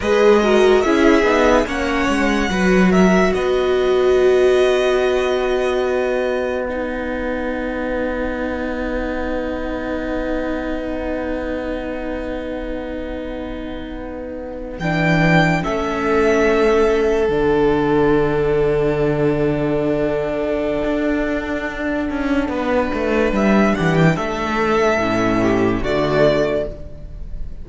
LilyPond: <<
  \new Staff \with { instrumentName = "violin" } { \time 4/4 \tempo 4 = 72 dis''4 e''4 fis''4. e''8 | dis''1 | fis''1~ | fis''1~ |
fis''4.~ fis''16 g''4 e''4~ e''16~ | e''8. fis''2.~ fis''16~ | fis''1 | e''8 fis''16 g''16 e''2 d''4 | }
  \new Staff \with { instrumentName = "violin" } { \time 4/4 b'8 ais'8 gis'4 cis''4 b'8 ais'8 | b'1~ | b'1~ | b'1~ |
b'2~ b'8. a'4~ a'16~ | a'1~ | a'2. b'4~ | b'8 g'8 a'4. g'8 fis'4 | }
  \new Staff \with { instrumentName = "viola" } { \time 4/4 gis'8 fis'8 e'8 dis'8 cis'4 fis'4~ | fis'1 | dis'1~ | dis'1~ |
dis'4.~ dis'16 d'4 cis'4~ cis'16~ | cis'8. d'2.~ d'16~ | d'1~ | d'2 cis'4 a4 | }
  \new Staff \with { instrumentName = "cello" } { \time 4/4 gis4 cis'8 b8 ais8 gis8 fis4 | b1~ | b1~ | b1~ |
b4.~ b16 e4 a4~ a16~ | a8. d2.~ d16~ | d4 d'4. cis'8 b8 a8 | g8 e8 a4 a,4 d4 | }
>>